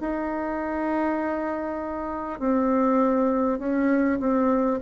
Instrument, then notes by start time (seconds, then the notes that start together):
bassoon
0.00 D#4
2.39 C4
3.59 C#4
4.20 C4